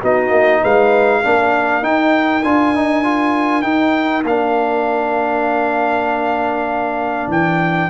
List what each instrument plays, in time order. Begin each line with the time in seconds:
0.00 tuba B3, trombone D#4, horn F#4, trumpet D#5
0.30 tuba A#3
0.62 tuba G#3, horn B4, trumpet F5
1.20 tuba A#3, trombone D4, horn A#4
1.82 trombone D#4, tuba D#4, trumpet G5
2.43 tuba D4, trombone F4, trumpet G#5
2.74 trombone D#4
3.03 trombone F4
3.62 trombone D#4, tuba D#4, trumpet G5
4.23 tuba A#3, trombone D4, trumpet F5
7.28 tuba E3, trumpet G5